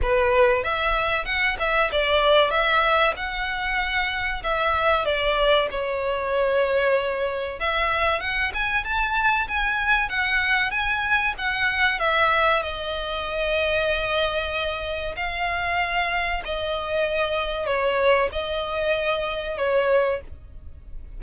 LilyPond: \new Staff \with { instrumentName = "violin" } { \time 4/4 \tempo 4 = 95 b'4 e''4 fis''8 e''8 d''4 | e''4 fis''2 e''4 | d''4 cis''2. | e''4 fis''8 gis''8 a''4 gis''4 |
fis''4 gis''4 fis''4 e''4 | dis''1 | f''2 dis''2 | cis''4 dis''2 cis''4 | }